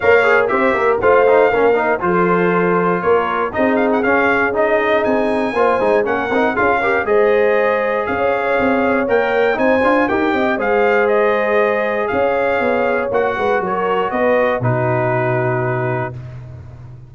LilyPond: <<
  \new Staff \with { instrumentName = "trumpet" } { \time 4/4 \tempo 4 = 119 f''4 e''4 f''2 | c''2 cis''4 dis''8 f''16 fis''16 | f''4 dis''4 gis''2 | fis''4 f''4 dis''2 |
f''2 g''4 gis''4 | g''4 f''4 dis''2 | f''2 fis''4 cis''4 | dis''4 b'2. | }
  \new Staff \with { instrumentName = "horn" } { \time 4/4 cis''4 c''8 ais'8 c''4 ais'4 | a'2 ais'4 gis'4~ | gis'2. c''4 | ais'4 gis'8 ais'8 c''2 |
cis''2. c''4 | ais'8 dis''8 c''2. | cis''2~ cis''8 b'8 ais'4 | b'4 fis'2. | }
  \new Staff \with { instrumentName = "trombone" } { \time 4/4 ais'8 gis'8 g'4 f'8 dis'8 cis'8 dis'8 | f'2. dis'4 | cis'4 dis'2 f'8 dis'8 | cis'8 dis'8 f'8 g'8 gis'2~ |
gis'2 ais'4 dis'8 f'8 | g'4 gis'2.~ | gis'2 fis'2~ | fis'4 dis'2. | }
  \new Staff \with { instrumentName = "tuba" } { \time 4/4 ais4 c'8 ais8 a4 ais4 | f2 ais4 c'4 | cis'2 c'4 ais8 gis8 | ais8 c'8 cis'4 gis2 |
cis'4 c'4 ais4 c'8 d'8 | dis'8 c'8 gis2. | cis'4 b4 ais8 gis8 fis4 | b4 b,2. | }
>>